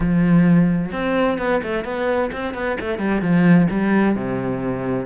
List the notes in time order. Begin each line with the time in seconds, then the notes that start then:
0.00 F3
0.92 C4
1.38 B3
1.63 A3
1.84 B3
2.32 C4
2.54 B3
2.80 A3
2.98 G3
3.21 F3
3.70 G3
4.15 C3